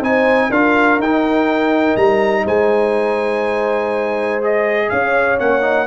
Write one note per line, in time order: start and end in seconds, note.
0.00 0.49 C4
0.00 0.52 D#4
0.00 0.49 C5
0.00 0.51 G#5
0.49 0.98 D4
0.49 1.00 F4
0.49 2.43 A#4
0.49 1.00 F5
0.98 1.96 D#4
0.98 4.41 D#4
0.98 1.97 G5
1.96 2.45 G3
1.96 2.45 A#5
2.43 4.90 G#3
2.43 4.87 C5
2.43 4.42 G#5
4.41 5.39 G#4
4.41 4.89 D#5
4.89 5.40 C#4
4.89 5.87 C#5
4.89 5.38 F5
5.39 5.87 A#3
5.39 5.61 C#4
5.39 5.87 F#5
5.61 5.86 D#4